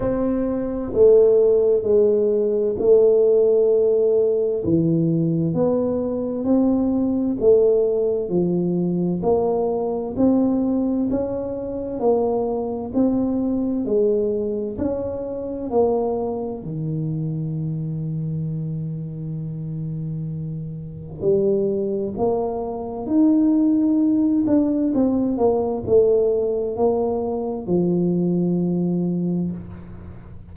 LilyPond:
\new Staff \with { instrumentName = "tuba" } { \time 4/4 \tempo 4 = 65 c'4 a4 gis4 a4~ | a4 e4 b4 c'4 | a4 f4 ais4 c'4 | cis'4 ais4 c'4 gis4 |
cis'4 ais4 dis2~ | dis2. g4 | ais4 dis'4. d'8 c'8 ais8 | a4 ais4 f2 | }